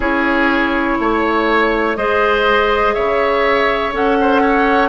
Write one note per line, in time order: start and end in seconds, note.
0.00 0.98 C#4
0.00 1.97 E4
0.00 0.98 G#4
0.00 1.96 C#5
0.99 1.97 A3
0.99 1.97 C#5
1.96 2.95 G#3
1.96 3.92 G#4
1.96 2.94 C5
1.96 2.94 D#5
2.94 3.92 C#3
2.94 4.17 C#5
2.94 3.92 E5
3.92 4.89 C#4
3.92 4.89 A4
3.92 4.89 F#5
4.20 4.41 C5
4.41 4.89 C#5